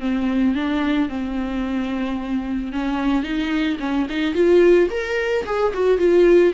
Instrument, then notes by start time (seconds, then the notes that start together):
viola
0.00 C4
0.55 D4
1.09 C4
2.72 C#4
3.23 D#4
3.80 C#4
4.09 D#4
4.34 F4
4.90 A#4
5.45 G#4
5.74 F#4
5.98 F4